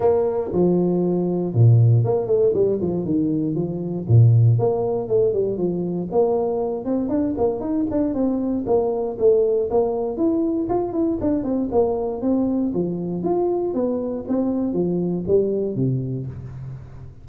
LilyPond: \new Staff \with { instrumentName = "tuba" } { \time 4/4 \tempo 4 = 118 ais4 f2 ais,4 | ais8 a8 g8 f8 dis4 f4 | ais,4 ais4 a8 g8 f4 | ais4. c'8 d'8 ais8 dis'8 d'8 |
c'4 ais4 a4 ais4 | e'4 f'8 e'8 d'8 c'8 ais4 | c'4 f4 f'4 b4 | c'4 f4 g4 c4 | }